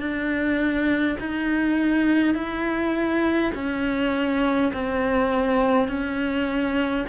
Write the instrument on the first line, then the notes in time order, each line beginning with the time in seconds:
cello
0.00 D4
1.20 D#4
2.35 E4
3.55 C#4
4.74 C4
5.89 C#4